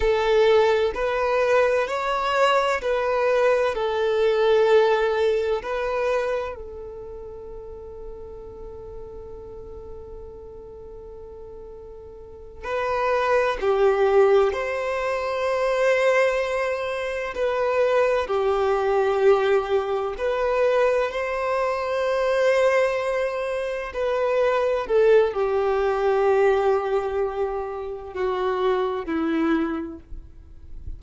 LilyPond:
\new Staff \with { instrumentName = "violin" } { \time 4/4 \tempo 4 = 64 a'4 b'4 cis''4 b'4 | a'2 b'4 a'4~ | a'1~ | a'4. b'4 g'4 c''8~ |
c''2~ c''8 b'4 g'8~ | g'4. b'4 c''4.~ | c''4. b'4 a'8 g'4~ | g'2 fis'4 e'4 | }